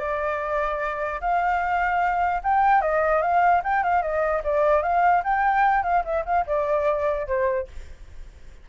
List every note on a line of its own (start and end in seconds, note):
0.00 1.21 D5
1.21 2.42 F5
2.44 2.82 G5
2.82 3.22 D#5
3.22 3.62 F5
3.64 3.84 G5
3.84 4.02 F5
4.02 4.43 D#5
4.44 4.83 D5
4.83 5.23 F5
5.24 5.84 G5
5.84 6.04 F5
6.05 6.25 E5
6.26 6.46 F5
6.47 7.28 D5
7.28 7.68 C5